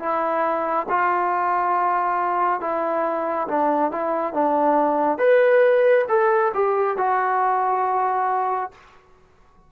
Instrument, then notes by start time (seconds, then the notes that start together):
trombone
0.00 E4
0.89 F4
2.61 E4
3.48 D4
3.92 E4
4.34 D4
5.19 B4
6.09 A4
6.55 G4
6.98 F#4